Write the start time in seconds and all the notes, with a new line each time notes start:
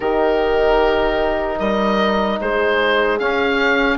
0.00 D#3 D#4 G4 A#4
1.58 G3 A#4 D#5
2.40 G#3 G#4 C5
3.19 C#4 F5